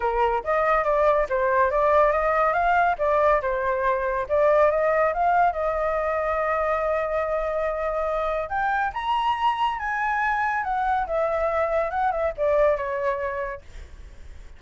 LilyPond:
\new Staff \with { instrumentName = "flute" } { \time 4/4 \tempo 4 = 141 ais'4 dis''4 d''4 c''4 | d''4 dis''4 f''4 d''4 | c''2 d''4 dis''4 | f''4 dis''2.~ |
dis''1 | g''4 ais''2 gis''4~ | gis''4 fis''4 e''2 | fis''8 e''8 d''4 cis''2 | }